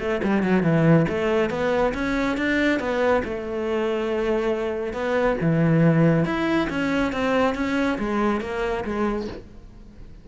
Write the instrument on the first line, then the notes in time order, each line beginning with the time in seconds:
cello
0.00 A3
0.24 G3
0.43 F#3
0.63 E3
1.09 A3
1.50 B3
1.94 C#4
2.37 D4
2.80 B3
3.25 A3
4.93 B3
5.42 E3
6.26 E4
6.70 C#4
7.13 C4
7.55 C#4
7.99 G#3
8.41 A#3
8.85 G#3